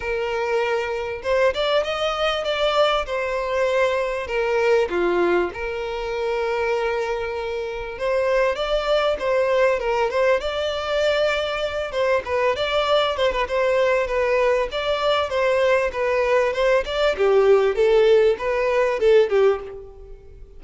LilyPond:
\new Staff \with { instrumentName = "violin" } { \time 4/4 \tempo 4 = 98 ais'2 c''8 d''8 dis''4 | d''4 c''2 ais'4 | f'4 ais'2.~ | ais'4 c''4 d''4 c''4 |
ais'8 c''8 d''2~ d''8 c''8 | b'8 d''4 c''16 b'16 c''4 b'4 | d''4 c''4 b'4 c''8 d''8 | g'4 a'4 b'4 a'8 g'8 | }